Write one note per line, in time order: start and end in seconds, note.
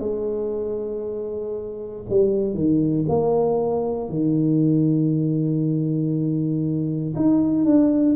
0.00 2.03 G#3
2.10 2.54 G3
2.54 3.05 D#3
3.09 4.10 A#3
4.10 7.15 D#3
7.16 7.65 D#4
7.65 8.16 D4